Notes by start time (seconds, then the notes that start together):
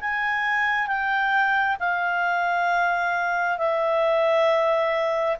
0.00 G#5
0.87 G5
1.79 F5
3.57 E5